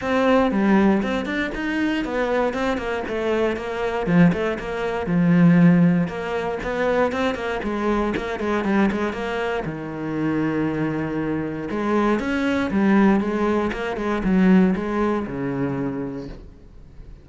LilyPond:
\new Staff \with { instrumentName = "cello" } { \time 4/4 \tempo 4 = 118 c'4 g4 c'8 d'8 dis'4 | b4 c'8 ais8 a4 ais4 | f8 a8 ais4 f2 | ais4 b4 c'8 ais8 gis4 |
ais8 gis8 g8 gis8 ais4 dis4~ | dis2. gis4 | cis'4 g4 gis4 ais8 gis8 | fis4 gis4 cis2 | }